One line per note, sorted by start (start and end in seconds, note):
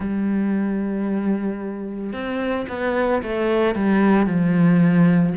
0.00 2.12 G3
2.12 2.66 C4
2.68 3.22 B3
3.22 3.75 A3
3.75 4.26 G3
4.26 5.33 F3